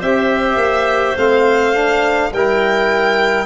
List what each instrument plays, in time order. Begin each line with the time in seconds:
0.00 tuba C4, trombone G4, clarinet C5, violin E5
0.56 tuba A#3
1.17 tuba A3, trombone C4, violin F5
1.74 trombone D4
2.32 tuba G3, trombone E4, clarinet A#4, violin G5